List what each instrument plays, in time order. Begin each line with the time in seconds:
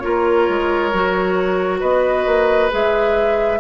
0.00 bassoon A#3, clarinet F4, oboe A#4, flute C#5
0.49 bassoon G#3
0.93 bassoon F#3, clarinet F#4
1.80 bassoon B3, oboe B4, flute D#5
2.26 bassoon A#3
2.71 bassoon G#3, clarinet G#4, flute E5